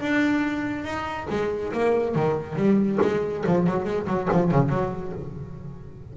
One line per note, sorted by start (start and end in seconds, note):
0.00 0.84 D4
0.84 1.27 D#4
1.29 1.72 G#3
1.72 2.15 A#3
2.15 2.56 D#3
2.56 2.98 G3
3.01 3.44 G#3
3.46 3.66 F3
3.66 3.85 F#3
3.85 4.06 G#3
4.07 4.28 F#3
4.31 4.51 F3
4.51 4.69 C#3
4.69 5.12 F#3